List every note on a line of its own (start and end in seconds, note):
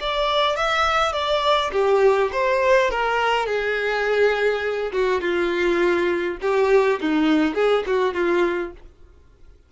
0.00 0.56 D5
0.56 1.13 E5
1.13 1.71 D5
1.72 2.30 G4
2.32 2.90 C5
2.90 3.46 A#4
3.46 4.92 G#4
4.92 5.21 F#4
5.21 6.37 F4
6.41 7.00 G4
7.01 7.55 D#4
7.55 7.84 G#4
7.87 8.14 F#4
8.14 8.72 F4